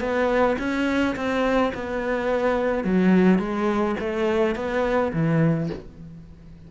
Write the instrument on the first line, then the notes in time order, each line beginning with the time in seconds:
cello
0.00 B3
0.59 C#4
1.16 C4
1.74 B3
2.84 F#3
3.39 G#3
4.00 A3
4.55 B3
5.13 E3